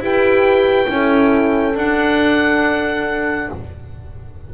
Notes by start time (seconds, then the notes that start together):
0.00 E4 G4 B4 G5
0.87 C#4 E4
0.93 A4
1.75 D4 F#5